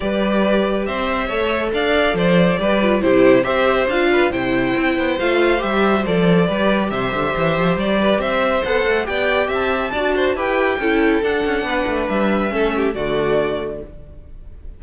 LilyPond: <<
  \new Staff \with { instrumentName = "violin" } { \time 4/4 \tempo 4 = 139 d''2 e''2 | f''4 d''2 c''4 | e''4 f''4 g''2 | f''4 e''4 d''2 |
e''2 d''4 e''4 | fis''4 g''4 a''2 | g''2 fis''2 | e''2 d''2 | }
  \new Staff \with { instrumentName = "violin" } { \time 4/4 b'2 c''4 cis''4 | d''4 c''4 b'4 g'4 | c''4. b'8 c''2~ | c''2. b'4 |
c''2~ c''8 b'8 c''4~ | c''4 d''4 e''4 d''8 c''8 | b'4 a'2 b'4~ | b'4 a'8 g'8 fis'2 | }
  \new Staff \with { instrumentName = "viola" } { \time 4/4 g'2. a'4~ | a'2 g'8 f'8 e'4 | g'4 f'4 e'2 | f'4 g'4 a'4 g'4~ |
g'1 | a'4 g'2 fis'4 | g'4 e'4 d'2~ | d'4 cis'4 a2 | }
  \new Staff \with { instrumentName = "cello" } { \time 4/4 g2 c'4 a4 | d'4 f4 g4 c4 | c'4 d'4 c4 c'8 b8 | a4 g4 f4 g4 |
c8 d8 e8 f8 g4 c'4 | b8 a8 b4 c'4 d'4 | e'4 cis'4 d'8 cis'8 b8 a8 | g4 a4 d2 | }
>>